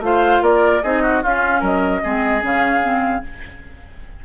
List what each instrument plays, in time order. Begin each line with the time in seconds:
0.00 bassoon A3, clarinet F4, oboe C5, flute F5
0.42 bassoon A#3, oboe A#4, flute D5
0.83 bassoon C4, clarinet D#4, oboe G#4, flute D#5
1.03 oboe F#4
1.23 clarinet C#4, bassoon C#4, oboe F4, flute F5
1.60 bassoon F#3, oboe A#4, flute D#5
2.03 bassoon G#3, clarinet C4, oboe G#4
2.41 bassoon C#3, clarinet C#4, flute F5
2.82 clarinet C4